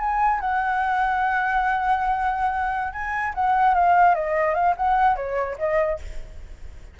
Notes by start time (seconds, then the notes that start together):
0.00 G#5
0.41 F#5
2.93 G#5
3.35 F#5
3.75 F5
4.15 D#5
4.55 F5
4.77 F#5
5.16 C#5
5.59 D#5